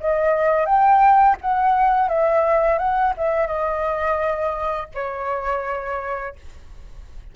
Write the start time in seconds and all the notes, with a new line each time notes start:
0.00 D#5
0.66 G5
1.41 F#5
2.09 E5
2.79 F#5
3.17 E5
3.47 D#5
4.94 C#5